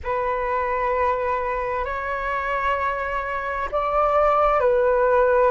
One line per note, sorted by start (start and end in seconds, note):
0.03 1.84 B4
1.84 3.69 C#5
3.71 4.59 D5
4.59 5.50 B4